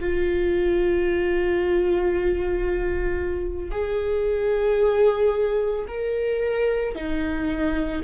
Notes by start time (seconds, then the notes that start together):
0.00 F4
3.72 G#4
5.88 A#4
6.95 D#4